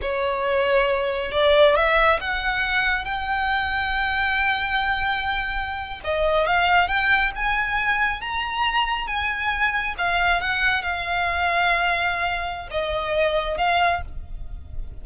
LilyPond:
\new Staff \with { instrumentName = "violin" } { \time 4/4 \tempo 4 = 137 cis''2. d''4 | e''4 fis''2 g''4~ | g''1~ | g''4.~ g''16 dis''4 f''4 g''16~ |
g''8. gis''2 ais''4~ ais''16~ | ais''8. gis''2 f''4 fis''16~ | fis''8. f''2.~ f''16~ | f''4 dis''2 f''4 | }